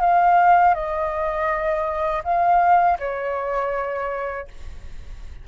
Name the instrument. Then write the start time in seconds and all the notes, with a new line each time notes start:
flute
0.00 F5
0.74 D#5
2.24 F5
2.99 C#5